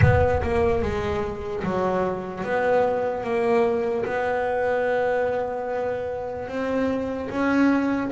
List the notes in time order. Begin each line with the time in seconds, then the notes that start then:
0.01 B3
0.42 A#3
0.81 G#3
1.63 F#3
2.44 B3
3.23 A#3
4.05 B3
6.48 C4
7.30 C#4